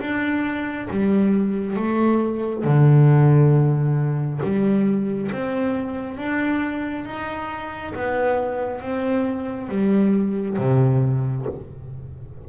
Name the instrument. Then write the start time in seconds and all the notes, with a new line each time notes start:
double bass
0.00 D4
0.90 G3
1.76 A3
2.64 D3
4.43 G3
5.32 C4
6.18 D4
7.05 D#4
7.95 B3
8.81 C4
9.69 G3
10.58 C3